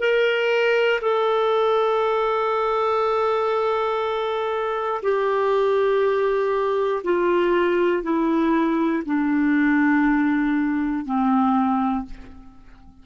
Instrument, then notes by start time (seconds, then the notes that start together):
clarinet
0.00 A#4
1.01 A4
5.03 G4
7.04 F4
8.04 E4
9.06 D4
11.05 C4